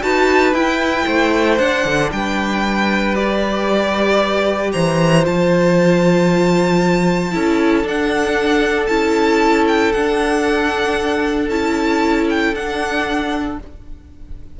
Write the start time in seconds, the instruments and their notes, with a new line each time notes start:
0.00 cello D#4, viola F#4, violin B4 A5
0.53 cello E4, viola E4, violin G5
1.06 cello A3, violin C5
1.58 cello D4, viola D4, violin F#5
1.85 cello D3
2.12 cello G3, violin B4 G5
3.14 viola G4, violin D5
4.72 cello E3, violin C5 A#5
5.21 cello F3, viola F4, violin A5
7.31 cello C#4, viola E4, violin A4
7.83 viola D4, cello D4, violin F#5
8.86 cello C#4, viola E4, violin A5
9.67 violin G5
9.92 viola D4, cello D4, violin F#5
11.49 cello C#4, viola E4, violin A5
12.30 violin G5
12.53 cello D4, viola D4, violin F#5